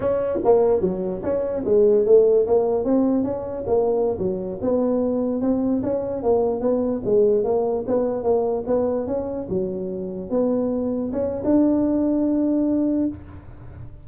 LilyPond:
\new Staff \with { instrumentName = "tuba" } { \time 4/4 \tempo 4 = 147 cis'4 ais4 fis4 cis'4 | gis4 a4 ais4 c'4 | cis'4 ais4~ ais16 fis4 b8.~ | b4~ b16 c'4 cis'4 ais8.~ |
ais16 b4 gis4 ais4 b8.~ | b16 ais4 b4 cis'4 fis8.~ | fis4~ fis16 b2 cis'8. | d'1 | }